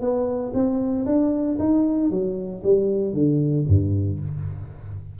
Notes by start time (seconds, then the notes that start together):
0.00 B3
0.53 C4
1.05 D4
1.58 D#4
2.10 F#3
2.63 G3
3.13 D3
3.67 G2